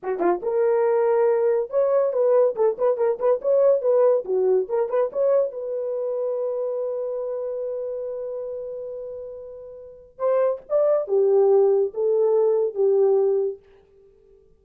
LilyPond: \new Staff \with { instrumentName = "horn" } { \time 4/4 \tempo 4 = 141 fis'8 f'8 ais'2. | cis''4 b'4 a'8 b'8 ais'8 b'8 | cis''4 b'4 fis'4 ais'8 b'8 | cis''4 b'2.~ |
b'1~ | b'1 | c''4 d''4 g'2 | a'2 g'2 | }